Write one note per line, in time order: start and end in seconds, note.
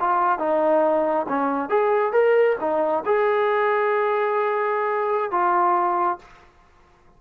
0.00 0.38 F4
0.38 1.26 D#4
1.28 1.69 C#4
1.69 2.12 G#4
2.12 2.56 A#4
2.60 3.04 D#4
3.06 5.31 G#4
5.31 6.19 F4